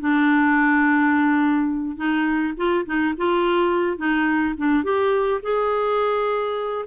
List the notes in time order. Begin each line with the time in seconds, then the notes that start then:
0.00 D4
1.97 D#4
2.57 F4
2.86 D#4
3.17 F4
3.97 D#4
4.57 D4
4.84 G4
5.43 G#4